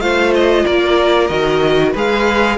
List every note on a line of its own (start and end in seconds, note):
0.00 0.65 A3
0.00 1.30 F4
0.00 0.65 C5
0.00 0.33 F5
0.35 0.67 D#5
0.65 1.30 A#3
0.65 1.93 A#4
0.65 1.28 D5
1.28 1.94 D#3
1.28 1.94 F#4
1.28 1.92 D#5
1.93 2.58 G#3
1.93 2.58 G#4
1.93 2.57 B4
1.93 2.58 F5